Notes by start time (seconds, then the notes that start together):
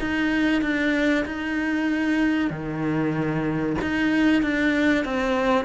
0.00 D#4
0.61 D4
1.25 D#4
2.50 D#3
3.81 D#4
4.42 D4
5.04 C4